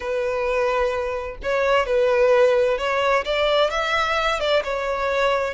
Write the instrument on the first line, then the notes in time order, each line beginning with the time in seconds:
violin
0.00 B4
1.42 C#5
1.86 B4
2.78 C#5
3.25 D5
3.70 E5
4.40 D5
4.63 C#5